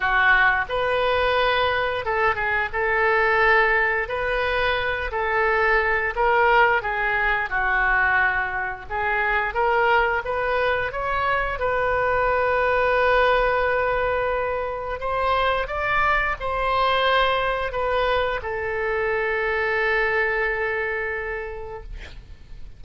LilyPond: \new Staff \with { instrumentName = "oboe" } { \time 4/4 \tempo 4 = 88 fis'4 b'2 a'8 gis'8 | a'2 b'4. a'8~ | a'4 ais'4 gis'4 fis'4~ | fis'4 gis'4 ais'4 b'4 |
cis''4 b'2.~ | b'2 c''4 d''4 | c''2 b'4 a'4~ | a'1 | }